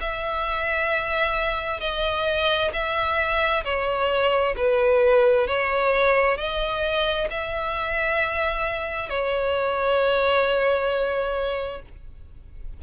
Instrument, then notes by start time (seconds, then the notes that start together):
violin
0.00 E5
1.80 D#5
2.73 E5
3.64 C#5
4.56 B4
5.47 C#5
6.37 D#5
7.30 E5
9.09 C#5